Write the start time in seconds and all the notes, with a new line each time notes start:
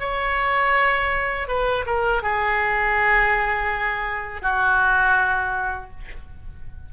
0.00 C#5
1.48 B4
1.87 A#4
2.23 G#4
4.42 F#4